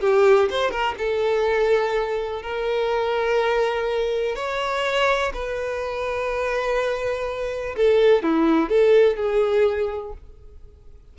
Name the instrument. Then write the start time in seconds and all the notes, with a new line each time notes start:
violin
0.00 G4
0.49 C5
0.70 A#4
0.98 A4
2.42 A#4
4.35 C#5
5.33 B4
7.76 A4
8.22 E4
8.69 A4
9.16 G#4